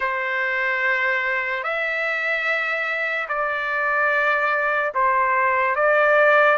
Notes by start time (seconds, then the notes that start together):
0.00 C5
1.63 E5
3.28 D5
4.94 C5
5.75 D5